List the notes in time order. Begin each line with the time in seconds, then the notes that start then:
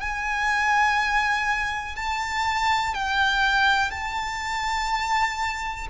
0.00 G#5
1.96 A5
2.94 G5
3.90 A5